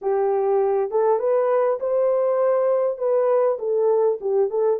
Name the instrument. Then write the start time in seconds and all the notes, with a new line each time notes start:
horn
0.01 G4
0.90 A4
1.19 B4
1.80 C5
2.98 B4
3.58 A4
4.21 G4
4.50 A4